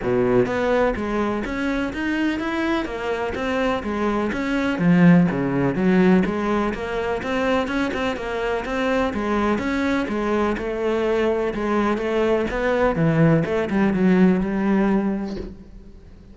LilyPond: \new Staff \with { instrumentName = "cello" } { \time 4/4 \tempo 4 = 125 b,4 b4 gis4 cis'4 | dis'4 e'4 ais4 c'4 | gis4 cis'4 f4 cis4 | fis4 gis4 ais4 c'4 |
cis'8 c'8 ais4 c'4 gis4 | cis'4 gis4 a2 | gis4 a4 b4 e4 | a8 g8 fis4 g2 | }